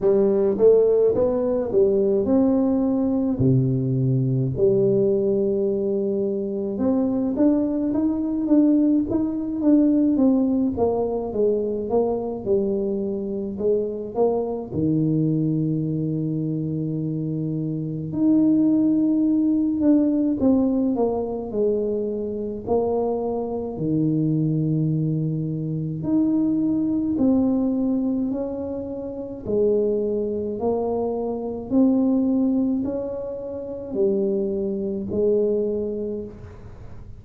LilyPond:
\new Staff \with { instrumentName = "tuba" } { \time 4/4 \tempo 4 = 53 g8 a8 b8 g8 c'4 c4 | g2 c'8 d'8 dis'8 d'8 | dis'8 d'8 c'8 ais8 gis8 ais8 g4 | gis8 ais8 dis2. |
dis'4. d'8 c'8 ais8 gis4 | ais4 dis2 dis'4 | c'4 cis'4 gis4 ais4 | c'4 cis'4 g4 gis4 | }